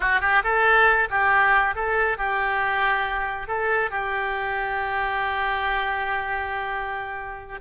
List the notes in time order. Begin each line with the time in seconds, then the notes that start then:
0.00 F#4
0.21 G4
0.43 A4
1.10 G4
1.75 A4
2.17 G4
3.47 A4
3.90 G4